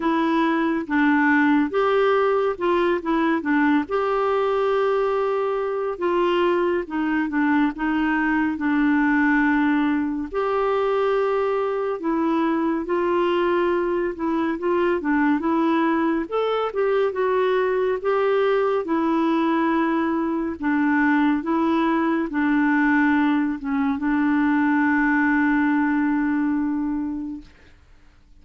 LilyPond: \new Staff \with { instrumentName = "clarinet" } { \time 4/4 \tempo 4 = 70 e'4 d'4 g'4 f'8 e'8 | d'8 g'2~ g'8 f'4 | dis'8 d'8 dis'4 d'2 | g'2 e'4 f'4~ |
f'8 e'8 f'8 d'8 e'4 a'8 g'8 | fis'4 g'4 e'2 | d'4 e'4 d'4. cis'8 | d'1 | }